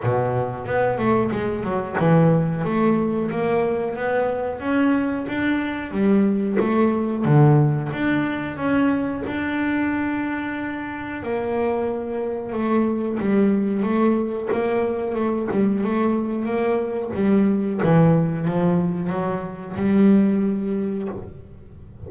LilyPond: \new Staff \with { instrumentName = "double bass" } { \time 4/4 \tempo 4 = 91 b,4 b8 a8 gis8 fis8 e4 | a4 ais4 b4 cis'4 | d'4 g4 a4 d4 | d'4 cis'4 d'2~ |
d'4 ais2 a4 | g4 a4 ais4 a8 g8 | a4 ais4 g4 e4 | f4 fis4 g2 | }